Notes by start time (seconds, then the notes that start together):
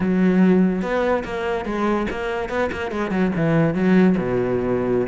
0.00 F#3
0.81 B3
1.24 A#3
1.65 G#3
2.10 A#3
2.49 B3
2.71 A#3
2.91 G#3
3.10 F#3
3.35 E3
3.74 F#3
4.17 B2